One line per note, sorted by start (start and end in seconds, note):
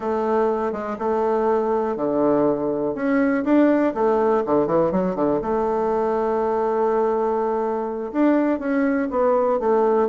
0.00 0.72 A3
0.72 0.97 G#3
0.98 1.96 A3
1.96 2.94 D3
2.94 3.44 C#4
3.44 3.93 D4
3.94 4.43 A3
4.45 4.67 D3
4.67 4.91 E3
4.91 5.15 F#3
5.15 5.40 D3
5.41 8.12 A3
8.12 8.59 D4
8.59 9.08 C#4
9.10 9.59 B3
9.59 10.08 A3